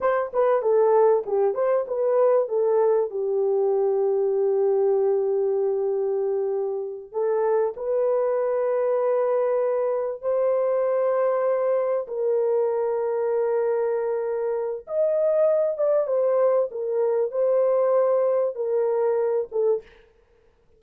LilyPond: \new Staff \with { instrumentName = "horn" } { \time 4/4 \tempo 4 = 97 c''8 b'8 a'4 g'8 c''8 b'4 | a'4 g'2.~ | g'2.~ g'8 a'8~ | a'8 b'2.~ b'8~ |
b'8 c''2. ais'8~ | ais'1 | dis''4. d''8 c''4 ais'4 | c''2 ais'4. a'8 | }